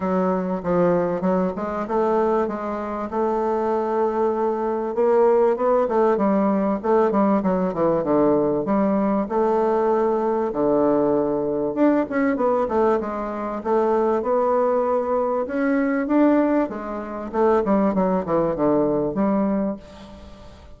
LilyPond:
\new Staff \with { instrumentName = "bassoon" } { \time 4/4 \tempo 4 = 97 fis4 f4 fis8 gis8 a4 | gis4 a2. | ais4 b8 a8 g4 a8 g8 | fis8 e8 d4 g4 a4~ |
a4 d2 d'8 cis'8 | b8 a8 gis4 a4 b4~ | b4 cis'4 d'4 gis4 | a8 g8 fis8 e8 d4 g4 | }